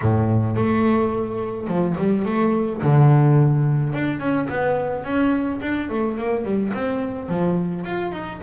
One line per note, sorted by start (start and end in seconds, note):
0.01 0.56 A2
0.56 1.67 A3
1.67 1.95 F3
1.97 2.25 G3
2.25 2.81 A3
2.82 3.93 D3
3.93 4.19 D4
4.19 4.47 C#4
4.49 5.03 B3
5.03 5.59 C#4
5.61 5.89 D4
5.89 6.17 A3
6.17 6.44 A#3
6.44 6.72 G3
6.73 7.28 C4
7.28 7.84 F3
7.84 8.12 F4
8.12 8.40 D#4